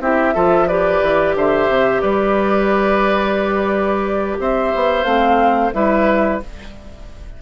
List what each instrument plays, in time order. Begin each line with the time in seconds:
0.00 bassoon C4, clarinet E4, oboe G4, flute E5
0.34 bassoon F3, clarinet F4, oboe A4
0.67 clarinet G4, oboe B4, flute D5
1.01 bassoon E3
1.35 bassoon D3, oboe C5, flute E5
1.68 bassoon C3
2.00 bassoon G3, oboe B4, flute D5
4.39 bassoon C4, oboe C5, flute E5
4.75 bassoon B3
5.04 bassoon A3, clarinet C4, flute F5
5.73 bassoon G3, clarinet E4, oboe B4, flute E5